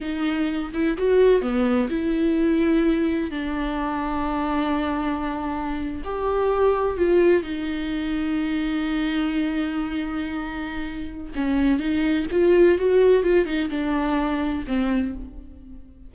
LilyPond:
\new Staff \with { instrumentName = "viola" } { \time 4/4 \tempo 4 = 127 dis'4. e'8 fis'4 b4 | e'2. d'4~ | d'1~ | d'8. g'2 f'4 dis'16~ |
dis'1~ | dis'1 | cis'4 dis'4 f'4 fis'4 | f'8 dis'8 d'2 c'4 | }